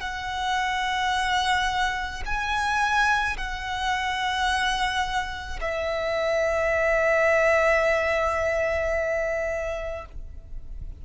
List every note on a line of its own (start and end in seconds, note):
0.00 2.22 F#5
2.25 3.36 G#5
3.37 5.59 F#5
5.60 10.05 E5